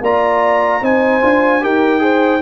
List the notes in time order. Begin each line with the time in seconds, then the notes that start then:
0.00 A#3 F4 D5 A#5
0.81 C4 D#4 C5 G#5
1.21 D4 F4
1.61 D#4 G4 A#4 G5
1.98 G#4 C5